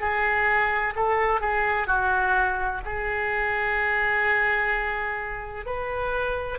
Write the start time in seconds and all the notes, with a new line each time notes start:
0.00 G#4
0.95 A4
1.40 G#4
1.87 F#4
2.85 G#4
5.65 B4